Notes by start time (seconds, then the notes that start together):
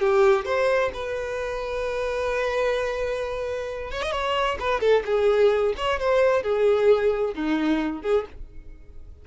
0.00 G4
0.45 C5
0.93 B4
3.91 C#5
4.02 D#5
4.11 C#5
4.59 B4
4.80 A4
5.05 G#4
5.77 C#5
5.99 C5
6.42 G#4
7.34 D#4
8.02 G#4